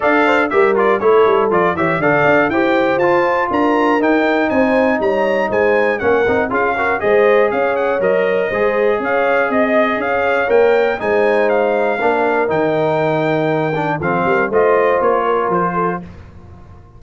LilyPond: <<
  \new Staff \with { instrumentName = "trumpet" } { \time 4/4 \tempo 4 = 120 f''4 e''8 d''8 cis''4 d''8 e''8 | f''4 g''4 a''4 ais''4 | g''4 gis''4 ais''4 gis''4 | fis''4 f''4 dis''4 f''8 fis''8 |
dis''2 f''4 dis''4 | f''4 g''4 gis''4 f''4~ | f''4 g''2. | f''4 dis''4 cis''4 c''4 | }
  \new Staff \with { instrumentName = "horn" } { \time 4/4 d''8 c''8 ais'4 a'4. cis''8 | d''4 c''2 ais'4~ | ais'4 c''4 cis''4 c''4 | ais'4 gis'8 ais'8 c''4 cis''4~ |
cis''4 c''4 cis''4 dis''4 | cis''2 c''2 | ais'1 | a'8 ais'8 c''4. ais'4 a'8 | }
  \new Staff \with { instrumentName = "trombone" } { \time 4/4 a'4 g'8 f'8 e'4 f'8 g'8 | a'4 g'4 f'2 | dis'1 | cis'8 dis'8 f'8 fis'8 gis'2 |
ais'4 gis'2.~ | gis'4 ais'4 dis'2 | d'4 dis'2~ dis'8 d'8 | c'4 f'2. | }
  \new Staff \with { instrumentName = "tuba" } { \time 4/4 d'4 g4 a8 g8 f8 e8 | d8 d'8 e'4 f'4 d'4 | dis'4 c'4 g4 gis4 | ais8 c'8 cis'4 gis4 cis'4 |
fis4 gis4 cis'4 c'4 | cis'4 ais4 gis2 | ais4 dis2. | f8 g8 a4 ais4 f4 | }
>>